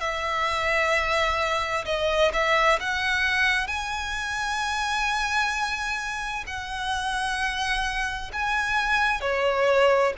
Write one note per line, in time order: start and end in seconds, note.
0.00 1.85 E5
1.85 2.32 D#5
2.33 2.79 E5
2.80 3.68 F#5
3.68 6.44 G#5
6.47 8.32 F#5
8.33 9.21 G#5
9.21 10.13 C#5